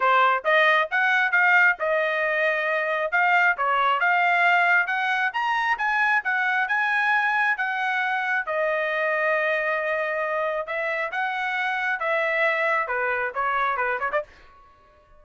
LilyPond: \new Staff \with { instrumentName = "trumpet" } { \time 4/4 \tempo 4 = 135 c''4 dis''4 fis''4 f''4 | dis''2. f''4 | cis''4 f''2 fis''4 | ais''4 gis''4 fis''4 gis''4~ |
gis''4 fis''2 dis''4~ | dis''1 | e''4 fis''2 e''4~ | e''4 b'4 cis''4 b'8 cis''16 d''16 | }